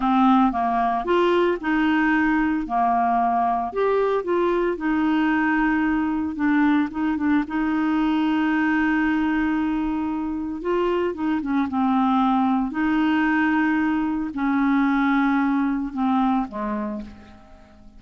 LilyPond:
\new Staff \with { instrumentName = "clarinet" } { \time 4/4 \tempo 4 = 113 c'4 ais4 f'4 dis'4~ | dis'4 ais2 g'4 | f'4 dis'2. | d'4 dis'8 d'8 dis'2~ |
dis'1 | f'4 dis'8 cis'8 c'2 | dis'2. cis'4~ | cis'2 c'4 gis4 | }